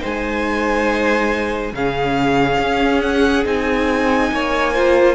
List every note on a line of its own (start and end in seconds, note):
0.00 1.73 G#3
0.00 1.71 D#4
0.00 1.73 C5
0.00 1.75 G#5
1.73 2.59 C#3
1.73 3.44 C#4
1.73 4.33 G#4
1.73 3.01 F5
2.59 3.45 C#4
3.01 3.44 F#5
3.44 4.31 C4
3.44 4.73 D#4
3.44 5.15 G#5
4.32 5.15 A#3
4.32 4.73 C#5
4.73 5.15 F4
4.73 5.15 C5